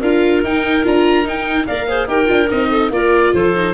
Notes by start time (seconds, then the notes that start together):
0.00 D4 F4 A#4 F5
0.44 D#4 G5
0.83 D4 F4 A#5
1.24 D#4 G5
1.67 A#3 A#4 D5 F5
1.88 G#4 C5
2.07 D#4 G4 A#4 G5
2.26 D4 F4
2.50 C4 D#4 D#5
2.70 A4
2.90 A#3 F4 A#4 D5
3.34 F3 A4 C5
3.55 D#4